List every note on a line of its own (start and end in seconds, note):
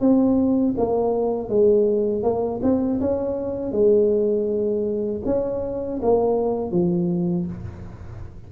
0.00 0.75 C4
0.77 1.49 A#3
1.49 2.23 G#3
2.23 2.60 A#3
2.62 3.00 C4
3.01 3.72 C#4
3.72 5.22 G#3
5.25 6.00 C#4
6.02 6.71 A#3
6.71 7.46 F3